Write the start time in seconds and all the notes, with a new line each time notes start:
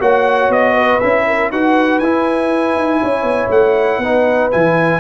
0.00 A#3 F#4 C#5 F#5
0.49 B3 D#5
0.74 B4
1.01 C#4 E4 E5
1.27 A#4
1.52 D#4 F#4 B4 F#5
1.99 E4 G#5
2.76 D#4
3.02 C#4 C#5
3.23 B3
3.51 A3 F#5
3.98 B3 D#4 B4
4.51 E3 E4 G#5